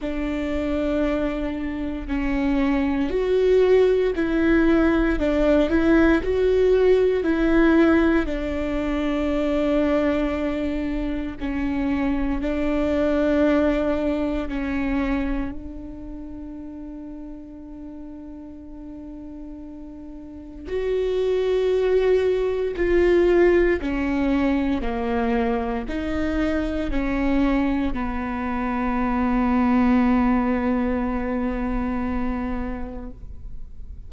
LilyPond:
\new Staff \with { instrumentName = "viola" } { \time 4/4 \tempo 4 = 58 d'2 cis'4 fis'4 | e'4 d'8 e'8 fis'4 e'4 | d'2. cis'4 | d'2 cis'4 d'4~ |
d'1 | fis'2 f'4 cis'4 | ais4 dis'4 cis'4 b4~ | b1 | }